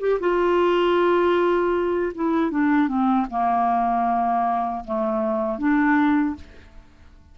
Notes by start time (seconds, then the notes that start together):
0.00 G4
0.20 F4
2.15 E4
2.51 D4
2.88 C4
3.30 A#3
4.84 A3
5.58 D4